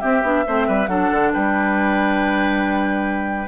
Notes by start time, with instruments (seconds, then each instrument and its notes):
0.00 clarinet C4, bassoon C4, oboe G4, flute E5
0.23 bassoon B3, clarinet D4
0.46 bassoon A3, clarinet C4, oboe C5
0.67 bassoon G3, oboe B4
0.87 bassoon F#3, clarinet D4, oboe A4, flute F#5
1.11 bassoon D3
1.33 bassoon G3, oboe B4, flute G5